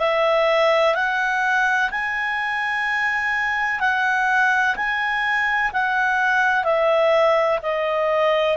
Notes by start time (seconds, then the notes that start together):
0.00 E5
0.95 F#5
1.91 G#5
3.81 F#5
4.76 G#5
5.73 F#5
6.65 E5
7.63 D#5